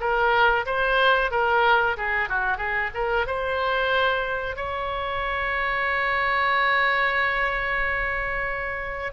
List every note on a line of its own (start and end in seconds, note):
0.00 0.65 A#4
0.66 1.31 C5
1.31 1.96 A#4
1.97 2.29 G#4
2.29 2.57 F#4
2.57 2.90 G#4
2.94 3.26 A#4
3.26 4.56 C5
4.56 9.12 C#5